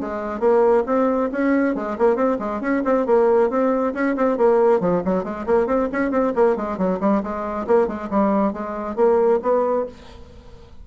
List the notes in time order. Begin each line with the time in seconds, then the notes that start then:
0.00 G#3
0.40 A#3
0.86 C4
1.31 C#4
1.75 G#3
1.98 A#3
2.15 C4
2.39 G#3
2.61 C#4
2.84 C4
3.06 A#3
3.50 C4
3.94 C#4
4.16 C4
4.37 A#3
4.80 F3
5.05 F#3
5.24 G#3
5.46 A#3
5.66 C4
5.92 C#4
6.11 C4
6.35 A#3
6.56 G#3
6.77 F#3
7.00 G3
7.23 G#3
7.67 A#3
7.87 G#3
8.10 G3
8.53 G#3
8.96 A#3
9.42 B3